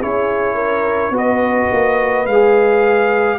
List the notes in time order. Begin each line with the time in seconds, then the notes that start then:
0.00 C#4 E4 G#4 C#5
0.54 A#4
1.10 B3 F#4 B4
1.17 D#5
1.72 A#3
2.26 G#3 G#4 F5